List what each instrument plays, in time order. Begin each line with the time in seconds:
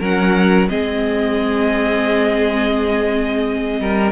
0.00 cello F#3, viola C#4, violin A#4 F#5
0.69 cello G#3, viola C4, violin G#4 D#5
3.80 cello G3, violin A#4